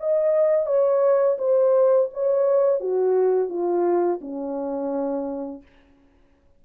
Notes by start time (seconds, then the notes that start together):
0.00 D#5
0.66 C#5
1.39 C5
2.13 C#5
2.80 F#4
3.49 F4
4.21 C#4